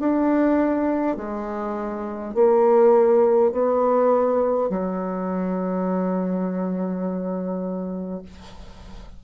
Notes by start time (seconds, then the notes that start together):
0.00 D4
1.17 G#3
2.35 A#3
3.52 B3
4.70 F#3